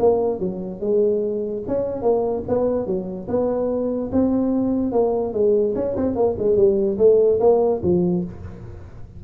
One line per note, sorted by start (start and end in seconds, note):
0.00 0.40 A#3
0.40 0.81 F#3
0.81 1.63 G#3
1.68 2.02 C#4
2.02 2.44 A#3
2.48 2.87 B3
2.87 3.28 F#3
3.29 4.11 B3
4.13 4.92 C4
4.92 5.33 A#3
5.33 5.75 G#3
5.76 5.96 C#4
5.96 6.16 C4
6.16 6.37 A#3
6.39 6.57 G#3
6.57 6.98 G3
6.99 7.40 A3
7.40 7.82 A#3
7.83 8.24 F3